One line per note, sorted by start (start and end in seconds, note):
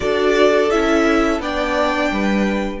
0.00 0.73 D4
0.00 0.71 F#4
0.00 1.41 A4
0.00 0.70 D5
0.70 1.39 C#4
0.70 1.41 E4
0.70 1.40 E5
1.39 2.10 B3
1.39 2.80 D4
1.39 2.12 D5
1.39 2.80 G5
2.10 2.80 G3
2.10 2.80 B4